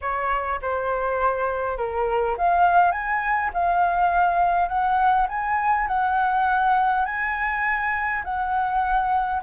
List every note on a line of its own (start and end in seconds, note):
0.01 0.60 C#5
0.61 1.77 C5
1.77 2.36 A#4
2.37 2.91 F5
2.91 3.50 G#5
3.53 4.68 F5
4.68 5.27 F#5
5.28 5.87 G#5
5.87 7.05 F#5
7.05 8.22 G#5
8.24 9.41 F#5